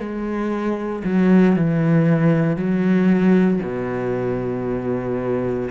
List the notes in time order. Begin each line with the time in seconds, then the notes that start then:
0.00 G#3
1.04 F#3
1.57 E3
2.57 F#3
3.63 B2